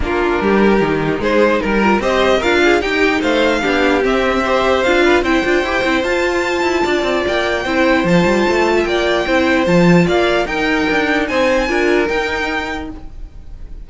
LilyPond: <<
  \new Staff \with { instrumentName = "violin" } { \time 4/4 \tempo 4 = 149 ais'2. c''4 | ais'4 dis''4 f''4 g''4 | f''2 e''2 | f''4 g''2 a''4~ |
a''2 g''2 | a''2 g''2 | a''4 f''4 g''2 | gis''2 g''2 | }
  \new Staff \with { instrumentName = "violin" } { \time 4/4 f'4 g'2 gis'4 | ais'4 c''4 ais'8 gis'8 g'4 | c''4 g'2 c''4~ | c''8 b'8 c''2.~ |
c''4 d''2 c''4~ | c''4.~ c''16 e''16 d''4 c''4~ | c''4 d''4 ais'2 | c''4 ais'2. | }
  \new Staff \with { instrumentName = "viola" } { \time 4/4 d'2 dis'2~ | dis'8 f'8 g'4 f'4 dis'4~ | dis'4 d'4 c'4 g'4 | f'4 e'8 f'8 g'8 e'8 f'4~ |
f'2. e'4 | f'2. e'4 | f'2 dis'2~ | dis'4 f'4 dis'2 | }
  \new Staff \with { instrumentName = "cello" } { \time 4/4 ais4 g4 dis4 gis4 | g4 c'4 d'4 dis'4 | a4 b4 c'2 | d'4 c'8 d'8 e'8 c'8 f'4~ |
f'8 e'8 d'8 c'8 ais4 c'4 | f8 g8 a4 ais4 c'4 | f4 ais4 dis'4 d'4 | c'4 d'4 dis'2 | }
>>